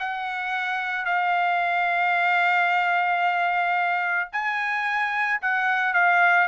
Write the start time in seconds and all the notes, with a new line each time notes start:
0.00 F#5
1.06 F5
4.33 G#5
5.42 F#5
5.94 F5